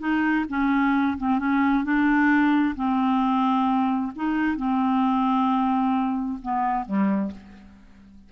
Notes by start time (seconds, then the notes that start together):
0.00 D#4
0.49 C#4
1.18 C4
1.39 C#4
1.84 D4
2.76 C4
4.16 D#4
4.57 C4
6.42 B3
6.86 G3